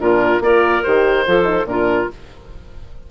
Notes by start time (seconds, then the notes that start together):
0.00 A#2 D4 F4 A#4
0.40 A#3 F4 A#4 D5
0.83 D#3 G4 C5
1.27 F3 F4 A4
1.43 D#4
1.65 A#2 D4 F4 A#4